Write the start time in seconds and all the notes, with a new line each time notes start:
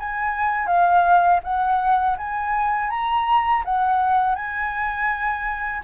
0.00 G#5
0.67 F5
1.44 F#5
2.18 G#5
2.91 A#5
3.65 F#5
4.36 G#5